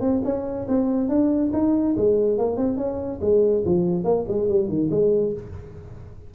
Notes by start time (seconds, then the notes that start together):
0.00 C4
0.24 C#4
0.68 C4
1.09 D4
1.53 D#4
1.96 G#3
2.38 A#3
2.56 C4
2.77 C#4
3.21 G#3
3.65 F3
4.04 A#3
4.28 G#3
4.49 G3
4.68 D#3
4.91 G#3